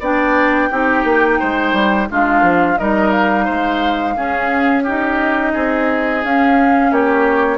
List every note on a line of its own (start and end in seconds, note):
0.00 0.69 B3
0.00 0.71 D4
0.00 0.69 D5
0.00 2.10 G5
0.71 1.04 C4
0.71 2.09 D#4
0.71 1.39 G4
1.04 1.39 A#3
1.39 1.73 G#3
1.39 2.08 C5
1.73 2.07 G3
2.10 2.42 G#3
2.10 2.79 D4
2.10 2.79 F4
2.10 2.78 F5
2.42 2.77 F3
2.78 3.49 G3
2.78 4.16 D#4
2.78 3.45 A#4
2.78 3.11 D#5
3.11 4.83 F5
3.45 4.17 G#3
3.45 4.14 C5
4.16 4.85 C#4
4.16 5.54 C#4
4.16 4.84 G#4
4.84 6.25 D#4
4.84 5.53 G4
4.84 6.24 D#5
5.53 6.24 C4
5.53 6.91 G#4
6.24 6.91 C#4
6.24 7.58 C#4
6.24 6.93 F5
6.91 7.58 A#3
6.91 7.58 G4
6.91 7.58 C#5